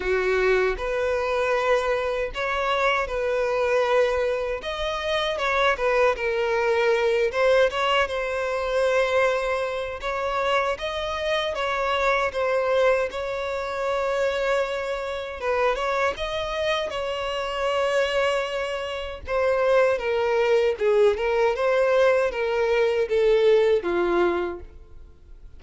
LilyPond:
\new Staff \with { instrumentName = "violin" } { \time 4/4 \tempo 4 = 78 fis'4 b'2 cis''4 | b'2 dis''4 cis''8 b'8 | ais'4. c''8 cis''8 c''4.~ | c''4 cis''4 dis''4 cis''4 |
c''4 cis''2. | b'8 cis''8 dis''4 cis''2~ | cis''4 c''4 ais'4 gis'8 ais'8 | c''4 ais'4 a'4 f'4 | }